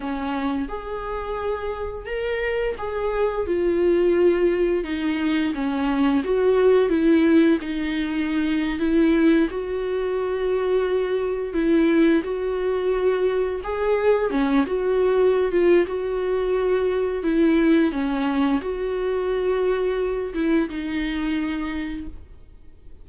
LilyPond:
\new Staff \with { instrumentName = "viola" } { \time 4/4 \tempo 4 = 87 cis'4 gis'2 ais'4 | gis'4 f'2 dis'4 | cis'4 fis'4 e'4 dis'4~ | dis'8. e'4 fis'2~ fis'16~ |
fis'8. e'4 fis'2 gis'16~ | gis'8. cis'8 fis'4~ fis'16 f'8 fis'4~ | fis'4 e'4 cis'4 fis'4~ | fis'4. e'8 dis'2 | }